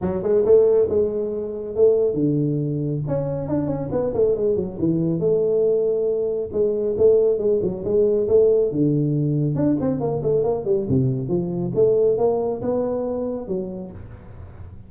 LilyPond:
\new Staff \with { instrumentName = "tuba" } { \time 4/4 \tempo 4 = 138 fis8 gis8 a4 gis2 | a4 d2 cis'4 | d'8 cis'8 b8 a8 gis8 fis8 e4 | a2. gis4 |
a4 gis8 fis8 gis4 a4 | d2 d'8 c'8 ais8 a8 | ais8 g8 c4 f4 a4 | ais4 b2 fis4 | }